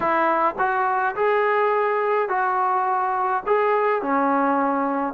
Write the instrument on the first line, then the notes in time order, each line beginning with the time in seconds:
trombone
0.00 E4
0.58 F#4
1.15 G#4
2.29 F#4
3.46 G#4
4.02 C#4